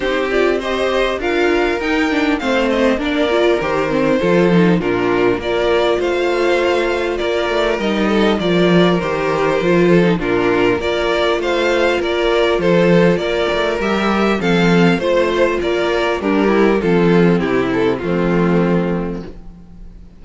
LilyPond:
<<
  \new Staff \with { instrumentName = "violin" } { \time 4/4 \tempo 4 = 100 c''8 d''8 dis''4 f''4 g''4 | f''8 dis''8 d''4 c''2 | ais'4 d''4 f''2 | d''4 dis''4 d''4 c''4~ |
c''4 ais'4 d''4 f''4 | d''4 c''4 d''4 e''4 | f''4 c''4 d''4 ais'4 | a'4 g'8 a'8 f'2 | }
  \new Staff \with { instrumentName = "violin" } { \time 4/4 g'4 c''4 ais'2 | c''4 ais'2 a'4 | f'4 ais'4 c''2 | ais'4. a'8 ais'2~ |
ais'8 a'8 f'4 ais'4 c''4 | ais'4 a'4 ais'2 | a'4 c''4 ais'4 d'8 e'8 | f'4 e'4 c'2 | }
  \new Staff \with { instrumentName = "viola" } { \time 4/4 dis'8 f'8 g'4 f'4 dis'8 d'8 | c'4 d'8 f'8 g'8 c'8 f'8 dis'8 | d'4 f'2.~ | f'4 dis'4 f'4 g'4 |
f'8. dis'16 d'4 f'2~ | f'2. g'4 | c'4 f'2 g'4 | c'2 a2 | }
  \new Staff \with { instrumentName = "cello" } { \time 4/4 c'2 d'4 dis'4 | a4 ais4 dis4 f4 | ais,4 ais4 a2 | ais8 a8 g4 f4 dis4 |
f4 ais,4 ais4 a4 | ais4 f4 ais8 a8 g4 | f4 a4 ais4 g4 | f4 c4 f2 | }
>>